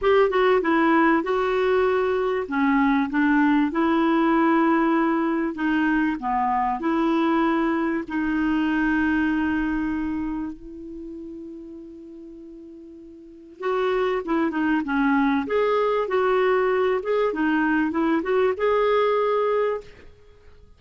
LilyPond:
\new Staff \with { instrumentName = "clarinet" } { \time 4/4 \tempo 4 = 97 g'8 fis'8 e'4 fis'2 | cis'4 d'4 e'2~ | e'4 dis'4 b4 e'4~ | e'4 dis'2.~ |
dis'4 e'2.~ | e'2 fis'4 e'8 dis'8 | cis'4 gis'4 fis'4. gis'8 | dis'4 e'8 fis'8 gis'2 | }